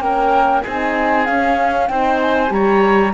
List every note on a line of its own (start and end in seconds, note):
0.00 0.62 A#3
0.00 0.64 C#4
0.00 0.63 A#4
0.00 0.63 G5
0.63 1.29 C4
0.63 1.27 D#4
0.63 1.88 G#4
0.63 1.26 G#5
1.26 1.89 C#4
1.26 1.90 C#4
1.26 1.88 F5
1.88 2.51 C4
1.88 2.49 D#4
1.88 2.54 C5
1.88 2.19 G5
2.22 2.52 G#5
2.49 3.13 G3
2.49 3.11 G4
2.49 3.14 C#5
2.49 3.14 A#5